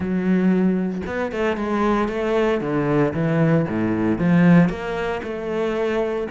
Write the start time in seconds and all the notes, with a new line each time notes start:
0.00 F#3
1.06 B3
1.32 A3
1.57 G#3
2.08 A3
2.60 D3
3.13 E3
3.68 A2
4.18 F3
4.69 A#3
5.23 A3